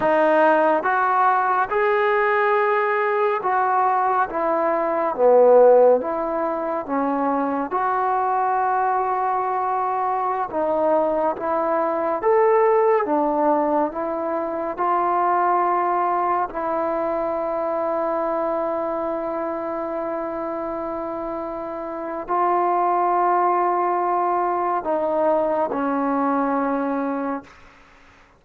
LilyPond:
\new Staff \with { instrumentName = "trombone" } { \time 4/4 \tempo 4 = 70 dis'4 fis'4 gis'2 | fis'4 e'4 b4 e'4 | cis'4 fis'2.~ | fis'16 dis'4 e'4 a'4 d'8.~ |
d'16 e'4 f'2 e'8.~ | e'1~ | e'2 f'2~ | f'4 dis'4 cis'2 | }